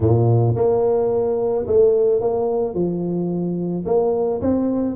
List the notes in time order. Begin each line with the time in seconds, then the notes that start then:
0.00 A#2
0.55 A#3
1.66 A3
2.20 A#3
2.74 F3
3.85 A#3
4.41 C4